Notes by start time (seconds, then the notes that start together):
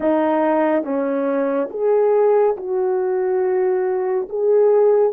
0.00 D#4
0.83 C#4
1.70 G#4
2.56 F#4
4.29 G#4